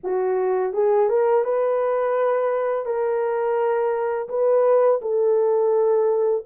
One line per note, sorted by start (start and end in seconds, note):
0.03 0.73 F#4
0.73 1.09 G#4
1.09 1.44 A#4
1.44 2.85 B4
2.85 4.28 A#4
4.29 5.00 B4
5.01 6.44 A4